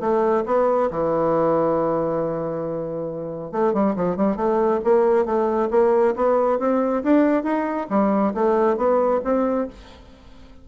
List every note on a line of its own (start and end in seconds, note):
0.00 0.44 A3
0.46 0.90 B3
0.90 3.52 E3
3.52 3.73 A3
3.73 3.95 G3
3.96 4.16 F3
4.16 4.36 G3
4.36 4.80 A3
4.84 5.25 A#3
5.25 5.69 A3
5.71 6.14 A#3
6.16 6.59 B3
6.59 7.03 C4
7.03 7.43 D4
7.43 7.87 D#4
7.90 8.34 G3
8.34 8.77 A3
8.77 9.21 B3
9.24 9.68 C4